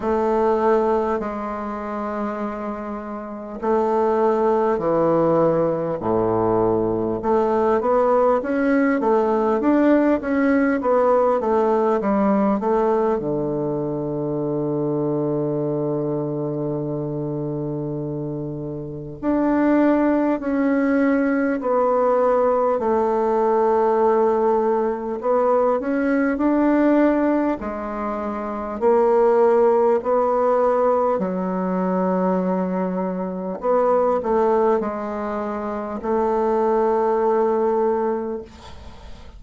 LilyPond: \new Staff \with { instrumentName = "bassoon" } { \time 4/4 \tempo 4 = 50 a4 gis2 a4 | e4 a,4 a8 b8 cis'8 a8 | d'8 cis'8 b8 a8 g8 a8 d4~ | d1 |
d'4 cis'4 b4 a4~ | a4 b8 cis'8 d'4 gis4 | ais4 b4 fis2 | b8 a8 gis4 a2 | }